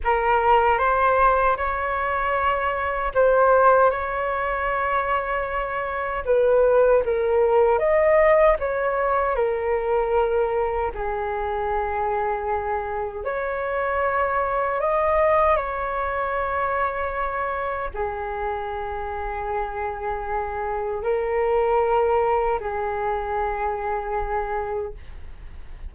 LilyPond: \new Staff \with { instrumentName = "flute" } { \time 4/4 \tempo 4 = 77 ais'4 c''4 cis''2 | c''4 cis''2. | b'4 ais'4 dis''4 cis''4 | ais'2 gis'2~ |
gis'4 cis''2 dis''4 | cis''2. gis'4~ | gis'2. ais'4~ | ais'4 gis'2. | }